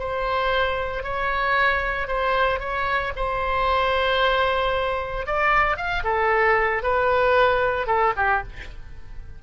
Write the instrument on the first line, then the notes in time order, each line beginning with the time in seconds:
oboe
0.00 C5
1.04 C#5
2.08 C5
2.60 C#5
3.17 C5
5.27 D5
5.77 F5
6.05 A4
6.83 B4
7.87 A4
8.17 G4